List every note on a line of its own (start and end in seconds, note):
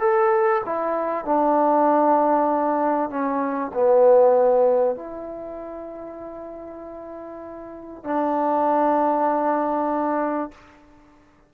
0.00 0.62 A4
0.66 1.25 E4
1.25 3.10 D4
3.10 3.72 C#4
3.74 4.96 B3
4.96 8.04 E4
8.04 10.51 D4